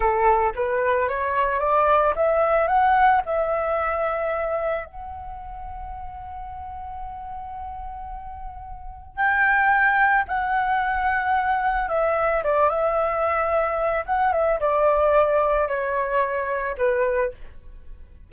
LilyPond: \new Staff \with { instrumentName = "flute" } { \time 4/4 \tempo 4 = 111 a'4 b'4 cis''4 d''4 | e''4 fis''4 e''2~ | e''4 fis''2.~ | fis''1~ |
fis''4 g''2 fis''4~ | fis''2 e''4 d''8 e''8~ | e''2 fis''8 e''8 d''4~ | d''4 cis''2 b'4 | }